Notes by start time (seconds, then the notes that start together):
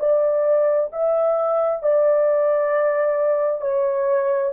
0.00 D5
0.93 E5
1.83 D5
3.62 C#5